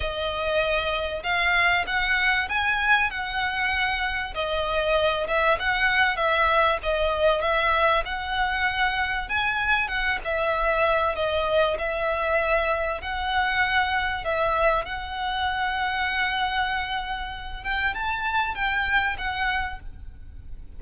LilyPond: \new Staff \with { instrumentName = "violin" } { \time 4/4 \tempo 4 = 97 dis''2 f''4 fis''4 | gis''4 fis''2 dis''4~ | dis''8 e''8 fis''4 e''4 dis''4 | e''4 fis''2 gis''4 |
fis''8 e''4. dis''4 e''4~ | e''4 fis''2 e''4 | fis''1~ | fis''8 g''8 a''4 g''4 fis''4 | }